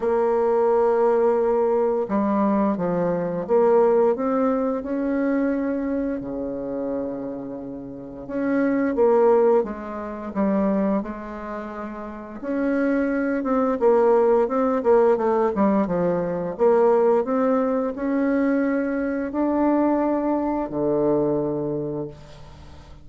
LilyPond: \new Staff \with { instrumentName = "bassoon" } { \time 4/4 \tempo 4 = 87 ais2. g4 | f4 ais4 c'4 cis'4~ | cis'4 cis2. | cis'4 ais4 gis4 g4 |
gis2 cis'4. c'8 | ais4 c'8 ais8 a8 g8 f4 | ais4 c'4 cis'2 | d'2 d2 | }